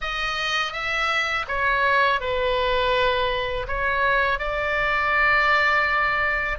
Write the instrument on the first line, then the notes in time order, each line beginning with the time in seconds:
oboe
0.01 D#5
0.72 E5
1.47 C#5
2.20 B4
3.68 C#5
4.39 D5